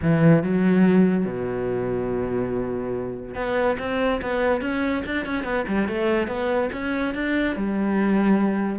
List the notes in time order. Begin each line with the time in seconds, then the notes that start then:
0.02 E3
0.43 F#3
1.25 B2
3.35 B3
3.78 C4
4.21 B3
4.61 C#4
5.05 D4
5.25 C#4
5.44 B3
5.67 G3
5.87 A3
6.27 B3
6.72 C#4
7.14 D4
7.55 G3